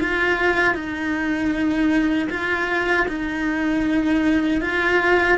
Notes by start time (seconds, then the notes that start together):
0.00 F4
0.74 D#4
2.30 F4
3.08 D#4
4.61 F4